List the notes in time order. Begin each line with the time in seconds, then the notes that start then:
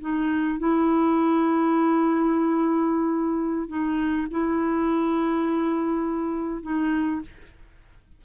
0.00 D#4
0.59 E4
3.68 D#4
4.30 E4
6.62 D#4